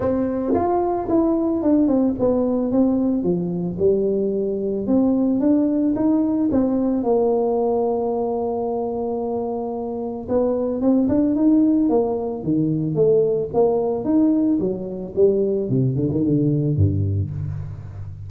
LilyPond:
\new Staff \with { instrumentName = "tuba" } { \time 4/4 \tempo 4 = 111 c'4 f'4 e'4 d'8 c'8 | b4 c'4 f4 g4~ | g4 c'4 d'4 dis'4 | c'4 ais2.~ |
ais2. b4 | c'8 d'8 dis'4 ais4 dis4 | a4 ais4 dis'4 fis4 | g4 c8 d16 dis16 d4 g,4 | }